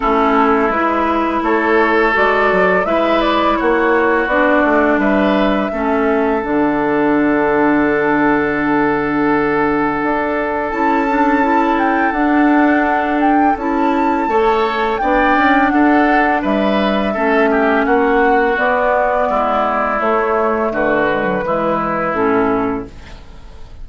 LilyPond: <<
  \new Staff \with { instrumentName = "flute" } { \time 4/4 \tempo 4 = 84 a'4 b'4 cis''4 d''4 | e''8 d''8 cis''4 d''4 e''4~ | e''4 fis''2.~ | fis''2. a''4~ |
a''8 g''8 fis''4. g''8 a''4~ | a''4 g''4 fis''4 e''4~ | e''4 fis''4 d''2 | cis''4 b'2 a'4 | }
  \new Staff \with { instrumentName = "oboe" } { \time 4/4 e'2 a'2 | b'4 fis'2 b'4 | a'1~ | a'1~ |
a'1 | cis''4 d''4 a'4 b'4 | a'8 g'8 fis'2 e'4~ | e'4 fis'4 e'2 | }
  \new Staff \with { instrumentName = "clarinet" } { \time 4/4 cis'4 e'2 fis'4 | e'2 d'2 | cis'4 d'2.~ | d'2. e'8 d'8 |
e'4 d'2 e'4 | a'4 d'2. | cis'2 b2 | a4. gis16 fis16 gis4 cis'4 | }
  \new Staff \with { instrumentName = "bassoon" } { \time 4/4 a4 gis4 a4 gis8 fis8 | gis4 ais4 b8 a8 g4 | a4 d2.~ | d2 d'4 cis'4~ |
cis'4 d'2 cis'4 | a4 b8 cis'8 d'4 g4 | a4 ais4 b4 gis4 | a4 d4 e4 a,4 | }
>>